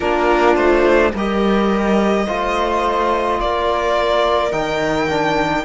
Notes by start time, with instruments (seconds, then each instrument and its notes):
0.00 cello A#3, trombone D4, viola F4, violin A#4
0.55 cello A3, violin C5
1.13 cello G3, trombone G4, viola A#4, violin D#5
2.26 cello A3, trombone F4, viola C5
3.40 cello A#3, viola A#4, violin D5
4.51 cello D#3, trombone D#4, violin G5
5.08 trombone D4